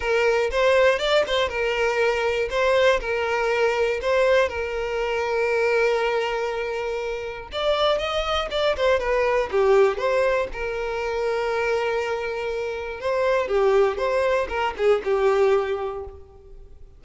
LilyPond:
\new Staff \with { instrumentName = "violin" } { \time 4/4 \tempo 4 = 120 ais'4 c''4 d''8 c''8 ais'4~ | ais'4 c''4 ais'2 | c''4 ais'2.~ | ais'2. d''4 |
dis''4 d''8 c''8 b'4 g'4 | c''4 ais'2.~ | ais'2 c''4 g'4 | c''4 ais'8 gis'8 g'2 | }